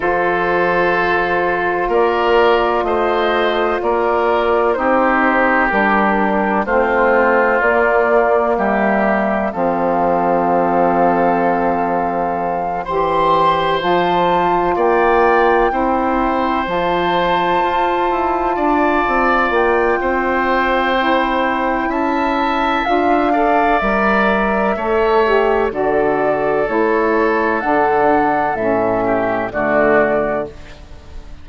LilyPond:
<<
  \new Staff \with { instrumentName = "flute" } { \time 4/4 \tempo 4 = 63 c''2 d''4 dis''4 | d''4 c''4 ais'4 c''4 | d''4 e''4 f''2~ | f''4. c'''4 a''4 g''8~ |
g''4. a''2~ a''8~ | a''8 g''2~ g''8 a''4 | f''4 e''2 d''4 | cis''4 fis''4 e''4 d''4 | }
  \new Staff \with { instrumentName = "oboe" } { \time 4/4 a'2 ais'4 c''4 | ais'4 g'2 f'4~ | f'4 g'4 a'2~ | a'4. c''2 d''8~ |
d''8 c''2. d''8~ | d''4 c''2 e''4~ | e''8 d''4. cis''4 a'4~ | a'2~ a'8 g'8 fis'4 | }
  \new Staff \with { instrumentName = "saxophone" } { \time 4/4 f'1~ | f'4 dis'4 d'4 c'4 | ais2 c'2~ | c'4. g'4 f'4.~ |
f'8 e'4 f'2~ f'8~ | f'2 e'2 | f'8 a'8 ais'4 a'8 g'8 fis'4 | e'4 d'4 cis'4 a4 | }
  \new Staff \with { instrumentName = "bassoon" } { \time 4/4 f2 ais4 a4 | ais4 c'4 g4 a4 | ais4 g4 f2~ | f4. e4 f4 ais8~ |
ais8 c'4 f4 f'8 e'8 d'8 | c'8 ais8 c'2 cis'4 | d'4 g4 a4 d4 | a4 d4 a,4 d4 | }
>>